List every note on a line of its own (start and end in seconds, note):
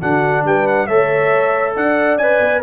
0.00 0.45 D3
0.00 0.89 D4
0.00 0.43 F#4
0.00 0.45 F#5
0.45 0.88 G3
0.45 0.87 B4
0.45 0.67 G5
0.67 0.87 F#5
0.87 1.75 A3
0.87 2.19 A4
0.87 1.74 C#5
0.87 1.74 E5
1.75 2.17 D4
1.75 2.62 D5
1.75 2.18 F#5
2.17 2.39 C#4
2.17 2.63 B4
2.17 2.61 G#5
2.41 2.62 B3